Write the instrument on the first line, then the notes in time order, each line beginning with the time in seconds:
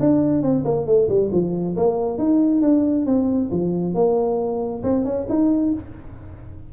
tuba
0.00 D4
0.43 C4
0.65 A#3
0.87 A3
1.09 G3
1.32 F3
1.77 A#3
2.18 D#4
2.62 D4
3.06 C4
3.51 F3
3.95 A#3
4.83 C4
5.05 C#4
5.29 D#4